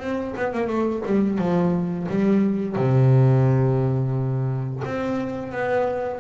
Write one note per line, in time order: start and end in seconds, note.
0.00 0.34 C4
0.36 0.53 B3
0.53 0.68 A#3
0.68 1.02 A3
1.05 1.38 G3
1.38 2.07 F3
2.09 2.76 G3
2.76 4.83 C3
4.85 5.52 C4
5.52 6.20 B3